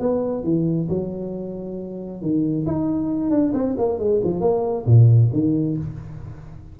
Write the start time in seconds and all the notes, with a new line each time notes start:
0.00 B3
0.44 E3
0.89 F#3
2.22 D#3
2.67 D#4
3.31 D4
3.54 C4
3.78 A#3
3.99 G#3
4.24 F3
4.41 A#3
4.86 A#2
5.33 D#3